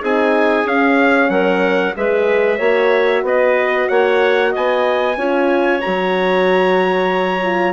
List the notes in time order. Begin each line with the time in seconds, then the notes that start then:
0.00 C4 D#4 G#4 G#5
0.65 C#4 F5
1.30 F#3 A#4 F#5
1.95 G#3 G#4 B4 E5
2.58 A#3 F#4 C#5
3.23 B3 B4 D#5
3.88 A#3 C#5 F#5
4.52 B3 D#5 G#5
5.17 C#4 F4 C#5
5.81 F#3 F#4 A#5
7.43 F4